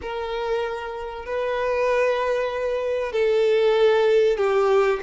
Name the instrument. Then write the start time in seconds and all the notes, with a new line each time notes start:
violin
0.01 A#4
1.25 B4
3.12 A4
4.37 G4